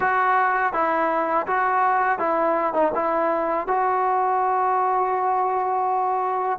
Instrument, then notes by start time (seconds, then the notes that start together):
trombone
0.00 F#4
0.73 E4
1.46 F#4
2.19 E4
2.73 D#4
2.94 E4
3.67 F#4